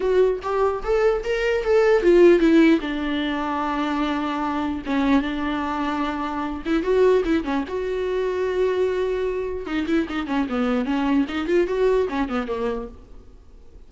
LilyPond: \new Staff \with { instrumentName = "viola" } { \time 4/4 \tempo 4 = 149 fis'4 g'4 a'4 ais'4 | a'4 f'4 e'4 d'4~ | d'1 | cis'4 d'2.~ |
d'8 e'8 fis'4 e'8 cis'8 fis'4~ | fis'1 | dis'8 e'8 dis'8 cis'8 b4 cis'4 | dis'8 f'8 fis'4 cis'8 b8 ais4 | }